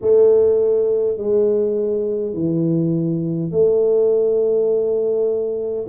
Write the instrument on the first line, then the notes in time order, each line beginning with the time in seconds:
tuba
0.01 A3
1.17 G#3
2.33 E3
3.51 A3